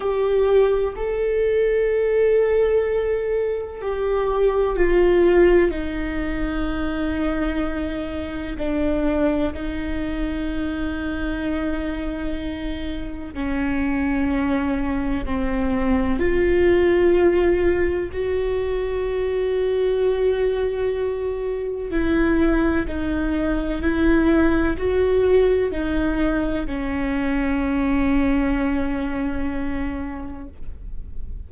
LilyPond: \new Staff \with { instrumentName = "viola" } { \time 4/4 \tempo 4 = 63 g'4 a'2. | g'4 f'4 dis'2~ | dis'4 d'4 dis'2~ | dis'2 cis'2 |
c'4 f'2 fis'4~ | fis'2. e'4 | dis'4 e'4 fis'4 dis'4 | cis'1 | }